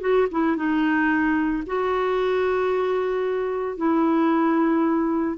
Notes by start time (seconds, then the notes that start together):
0.00 F#4
0.31 E4
0.56 D#4
1.66 F#4
3.77 E4